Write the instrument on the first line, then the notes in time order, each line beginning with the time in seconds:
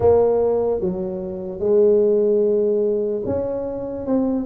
tuba
0.00 A#3
0.80 F#3
1.59 G#3
3.25 C#4
4.06 C4